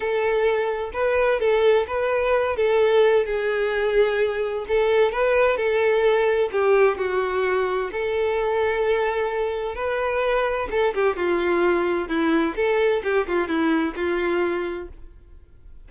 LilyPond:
\new Staff \with { instrumentName = "violin" } { \time 4/4 \tempo 4 = 129 a'2 b'4 a'4 | b'4. a'4. gis'4~ | gis'2 a'4 b'4 | a'2 g'4 fis'4~ |
fis'4 a'2.~ | a'4 b'2 a'8 g'8 | f'2 e'4 a'4 | g'8 f'8 e'4 f'2 | }